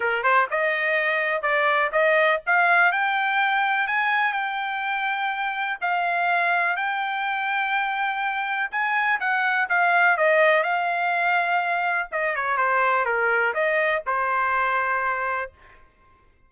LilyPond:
\new Staff \with { instrumentName = "trumpet" } { \time 4/4 \tempo 4 = 124 ais'8 c''8 dis''2 d''4 | dis''4 f''4 g''2 | gis''4 g''2. | f''2 g''2~ |
g''2 gis''4 fis''4 | f''4 dis''4 f''2~ | f''4 dis''8 cis''8 c''4 ais'4 | dis''4 c''2. | }